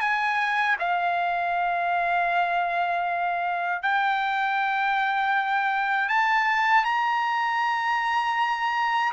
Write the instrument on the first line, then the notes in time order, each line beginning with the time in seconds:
trumpet
0.00 G#5
0.79 F5
3.82 G5
6.09 A5
6.85 A#5